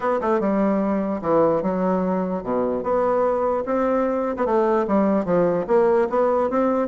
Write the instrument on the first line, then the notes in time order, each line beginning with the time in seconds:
bassoon
0.00 B3
0.20 A3
0.39 G3
1.21 E3
1.62 F#3
2.43 B2
2.83 B3
3.65 C4
4.36 B3
4.45 A3
4.87 G3
5.25 F3
5.67 A#3
6.09 B3
6.50 C4